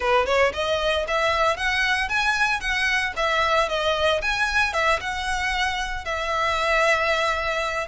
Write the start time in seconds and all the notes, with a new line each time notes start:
0.00 B4
0.26 C#5
0.53 D#5
1.07 E5
1.56 F#5
2.09 G#5
2.60 F#5
3.16 E5
3.68 D#5
4.21 G#5
4.73 E5
5.00 F#5
6.04 E5